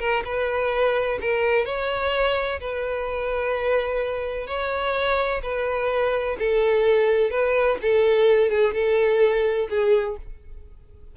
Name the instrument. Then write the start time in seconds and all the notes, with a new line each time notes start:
violin
0.00 A#4
0.25 B4
1.22 A#4
1.66 C#5
2.61 B4
4.48 C#5
5.43 B4
6.40 A4
7.31 B4
7.82 A4
8.51 G#4
8.74 A4
9.70 G#4